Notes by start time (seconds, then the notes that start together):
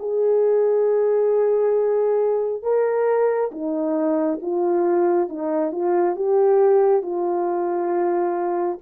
0.00 G#4
2.63 A#4
3.52 D#4
4.42 F4
5.29 D#4
5.72 F4
6.16 G4
7.02 F4